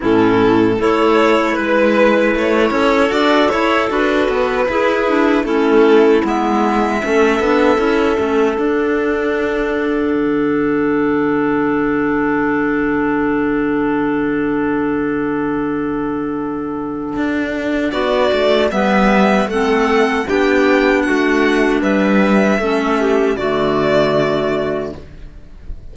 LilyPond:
<<
  \new Staff \with { instrumentName = "violin" } { \time 4/4 \tempo 4 = 77 a'4 cis''4 b'4 cis''4 | d''8 cis''8 b'2 a'4 | e''2. fis''4~ | fis''1~ |
fis''1~ | fis''2. d''4 | e''4 fis''4 g''4 fis''4 | e''2 d''2 | }
  \new Staff \with { instrumentName = "clarinet" } { \time 4/4 e'4 a'4 b'4. a'8~ | a'2 gis'4 e'4~ | e'4 a'2.~ | a'1~ |
a'1~ | a'2. fis'4 | b'4 a'4 g'4 fis'4 | b'4 a'8 g'8 fis'2 | }
  \new Staff \with { instrumentName = "clarinet" } { \time 4/4 cis'4 e'2. | d'8 e'8 fis'4 e'8 d'8 cis'4 | b4 cis'8 d'8 e'8 cis'8 d'4~ | d'1~ |
d'1~ | d'1 | b4 c'4 d'2~ | d'4 cis'4 a2 | }
  \new Staff \with { instrumentName = "cello" } { \time 4/4 a,4 a4 gis4 a8 cis'8 | fis'8 e'8 d'8 b8 e'4 a4 | gis4 a8 b8 cis'8 a8 d'4~ | d'4 d2.~ |
d1~ | d2 d'4 b8 a8 | g4 a4 b4 a4 | g4 a4 d2 | }
>>